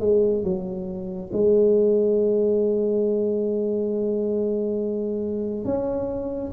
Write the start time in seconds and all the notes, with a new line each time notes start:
0.00 G#3
0.43 F#3
1.32 G#3
5.64 C#4